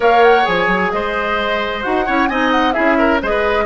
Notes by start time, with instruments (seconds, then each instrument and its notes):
0.00 bassoon A#3, clarinet A#4, oboe C#5, flute F5
0.23 flute F#5
0.43 bassoon F3, clarinet G#4, flute G#5
0.67 bassoon F#3
0.91 bassoon G#3, oboe C5, flute D#5
1.82 bassoon D#4, clarinet F#4, flute F#5
2.06 bassoon C#4, clarinet E4, oboe C#5
2.28 bassoon C4, clarinet D#4, oboe D#5, flute G#5
2.51 flute F#5
2.72 bassoon C#4, clarinet E4, oboe G#4, flute E5
2.98 oboe A#4
3.22 bassoon G#3, clarinet G#4, oboe C5, flute D#5
3.29 oboe B4